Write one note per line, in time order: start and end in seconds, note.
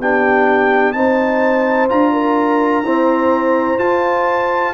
0.00 0.95 B3
0.00 0.95 D4
0.00 0.95 G4
0.00 0.93 G5
0.93 1.90 C4
0.93 1.89 D#4
0.93 2.13 C5
0.93 1.88 A5
1.89 2.83 D4
1.89 2.85 F4
1.89 3.79 A#5
2.13 2.85 A#4
2.83 3.78 C4
2.83 3.78 E4
2.83 4.75 C5
3.78 4.74 F4
3.78 4.75 A5